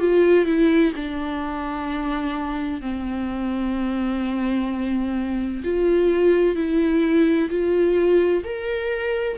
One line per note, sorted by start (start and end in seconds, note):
0.00 0.46 F4
0.46 0.93 E4
0.96 2.82 D4
2.82 5.63 C4
5.65 6.56 F4
6.56 7.50 E4
7.50 8.44 F4
8.45 9.38 A#4